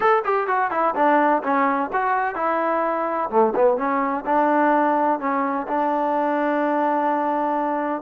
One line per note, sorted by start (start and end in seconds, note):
0.00 0.23 A4
0.24 0.47 G4
0.47 0.70 F#4
0.70 0.94 E4
0.95 1.42 D4
1.43 1.90 C#4
1.92 2.35 F#4
2.35 3.29 E4
3.29 3.53 A3
3.55 3.77 B3
3.77 4.24 C#4
4.25 5.19 D4
5.19 5.66 C#4
5.67 8.01 D4